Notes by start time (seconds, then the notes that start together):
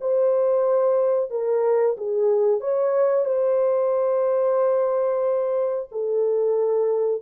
0.00 C5
1.30 A#4
1.97 G#4
2.60 C#5
3.25 C5
5.91 A4